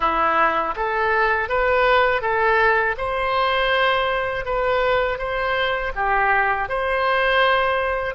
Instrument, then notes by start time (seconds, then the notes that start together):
oboe
0.00 E4
0.76 A4
1.48 B4
2.21 A4
2.97 C5
4.45 B4
5.18 C5
5.95 G4
6.68 C5